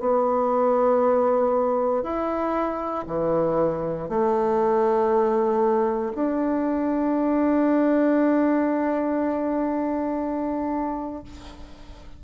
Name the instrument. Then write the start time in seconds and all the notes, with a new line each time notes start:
bassoon
0.00 B3
2.03 E4
3.07 E3
4.10 A3
6.15 D4